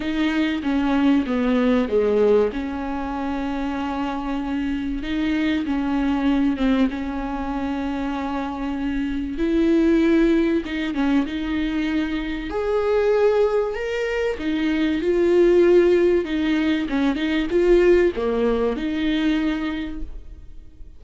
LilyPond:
\new Staff \with { instrumentName = "viola" } { \time 4/4 \tempo 4 = 96 dis'4 cis'4 b4 gis4 | cis'1 | dis'4 cis'4. c'8 cis'4~ | cis'2. e'4~ |
e'4 dis'8 cis'8 dis'2 | gis'2 ais'4 dis'4 | f'2 dis'4 cis'8 dis'8 | f'4 ais4 dis'2 | }